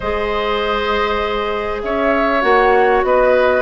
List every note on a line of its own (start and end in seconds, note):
0.00 1.83 G#3
0.00 2.41 G#4
0.00 1.81 C5
0.00 1.81 D#5
1.82 2.43 C#4
1.82 3.05 C#5
1.82 2.41 E5
2.41 3.03 A#3
2.41 3.61 F#4
2.41 3.02 F#5
3.03 3.61 B3
3.03 3.61 B4
3.03 3.61 D#5